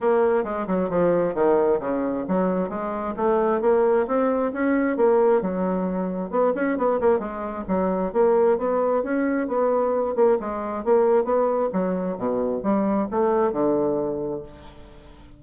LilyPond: \new Staff \with { instrumentName = "bassoon" } { \time 4/4 \tempo 4 = 133 ais4 gis8 fis8 f4 dis4 | cis4 fis4 gis4 a4 | ais4 c'4 cis'4 ais4 | fis2 b8 cis'8 b8 ais8 |
gis4 fis4 ais4 b4 | cis'4 b4. ais8 gis4 | ais4 b4 fis4 b,4 | g4 a4 d2 | }